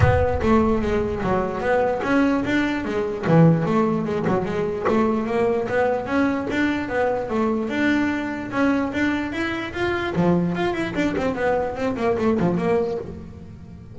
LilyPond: \new Staff \with { instrumentName = "double bass" } { \time 4/4 \tempo 4 = 148 b4 a4 gis4 fis4 | b4 cis'4 d'4 gis4 | e4 a4 gis8 fis8 gis4 | a4 ais4 b4 cis'4 |
d'4 b4 a4 d'4~ | d'4 cis'4 d'4 e'4 | f'4 f4 f'8 e'8 d'8 c'8 | b4 c'8 ais8 a8 f8 ais4 | }